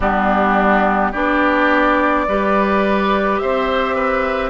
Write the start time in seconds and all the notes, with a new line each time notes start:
0.00 G3 B3 D4 G4
1.12 B3 D4 G4 D5
2.27 G3 G4 B4
3.37 C4 C5 E5
3.95 B4